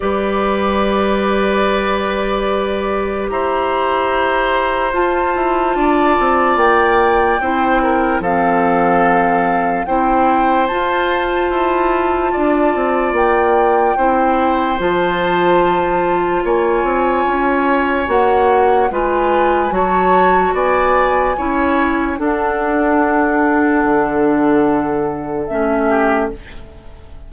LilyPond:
<<
  \new Staff \with { instrumentName = "flute" } { \time 4/4 \tempo 4 = 73 d''1 | ais''2 a''2 | g''2 f''2 | g''4 a''2. |
g''2 a''2 | gis''2 fis''4 gis''4 | a''4 gis''2 fis''4~ | fis''2. e''4 | }
  \new Staff \with { instrumentName = "oboe" } { \time 4/4 b'1 | c''2. d''4~ | d''4 c''8 ais'8 a'2 | c''2. d''4~ |
d''4 c''2. | cis''2. b'4 | cis''4 d''4 cis''4 a'4~ | a'2.~ a'8 g'8 | }
  \new Staff \with { instrumentName = "clarinet" } { \time 4/4 g'1~ | g'2 f'2~ | f'4 e'4 c'2 | e'4 f'2.~ |
f'4 e'4 f'2~ | f'2 fis'4 f'4 | fis'2 e'4 d'4~ | d'2. cis'4 | }
  \new Staff \with { instrumentName = "bassoon" } { \time 4/4 g1 | e'2 f'8 e'8 d'8 c'8 | ais4 c'4 f2 | c'4 f'4 e'4 d'8 c'8 |
ais4 c'4 f2 | ais8 c'8 cis'4 ais4 gis4 | fis4 b4 cis'4 d'4~ | d'4 d2 a4 | }
>>